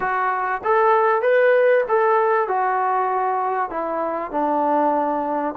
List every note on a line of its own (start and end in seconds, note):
0.00 0.61 F#4
0.64 1.22 A4
1.22 1.84 B4
1.88 2.47 A4
2.47 3.70 F#4
3.70 4.31 E4
4.31 5.54 D4